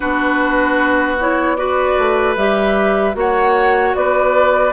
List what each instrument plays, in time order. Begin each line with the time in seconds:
0.00 bassoon B3, clarinet D4, oboe F#4, flute B4
1.19 clarinet E4, flute C#5
1.56 clarinet F#4, oboe B4, flute D5
1.98 bassoon A3
2.36 bassoon G3, clarinet G4, flute E5
3.13 bassoon A#3, clarinet F#4, oboe C#5, flute F#5
3.95 bassoon B3, oboe B4, flute D5